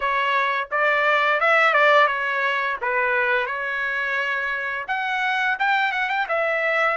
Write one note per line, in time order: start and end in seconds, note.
0.00 0.68 C#5
0.71 1.40 D5
1.40 1.73 E5
1.73 2.07 D5
2.07 2.77 C#5
2.81 3.46 B4
3.46 4.86 C#5
4.87 5.57 F#5
5.59 5.92 G5
5.92 6.09 F#5
6.09 6.26 G5
6.28 6.97 E5